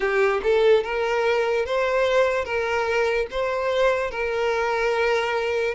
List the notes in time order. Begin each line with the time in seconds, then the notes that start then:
0.00 G4
0.43 A4
0.83 A#4
1.65 C5
2.44 A#4
3.31 C5
4.11 A#4